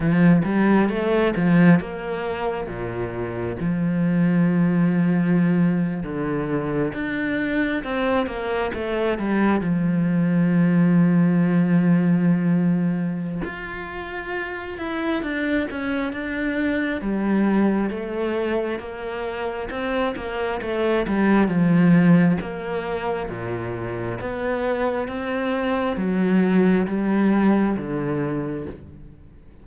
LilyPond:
\new Staff \with { instrumentName = "cello" } { \time 4/4 \tempo 4 = 67 f8 g8 a8 f8 ais4 ais,4 | f2~ f8. d4 d'16~ | d'8. c'8 ais8 a8 g8 f4~ f16~ | f2. f'4~ |
f'8 e'8 d'8 cis'8 d'4 g4 | a4 ais4 c'8 ais8 a8 g8 | f4 ais4 ais,4 b4 | c'4 fis4 g4 d4 | }